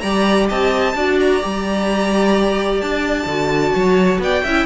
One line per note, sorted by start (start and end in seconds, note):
0.00 0.49 G3
0.00 0.95 G4
0.00 0.49 D5
0.00 0.47 A#5
0.49 0.95 C4
0.49 0.95 D#5
0.49 1.19 A5
0.95 1.41 D4
0.95 1.41 F#4
0.95 3.74 D5
1.20 2.81 A#5
1.41 2.82 G3
1.41 3.27 G4
2.81 3.25 D4
2.81 4.20 A5
3.25 3.72 D3
3.25 4.45 F#4
3.74 4.18 F#3
3.74 4.21 C#5
4.18 4.42 B3
4.18 4.43 D5
4.18 4.65 G5
4.43 4.65 C#4
4.43 4.65 E4
4.43 4.65 E5